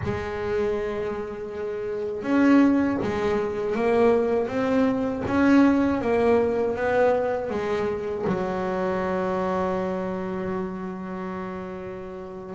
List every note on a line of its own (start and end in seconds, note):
0.04 2.23 G#3
2.23 2.98 C#4
3.02 3.75 G#3
3.75 4.47 A#3
4.47 5.22 C4
5.26 6.01 C#4
6.01 6.76 A#3
6.76 7.50 B3
7.50 8.25 G#3
8.27 12.55 F#3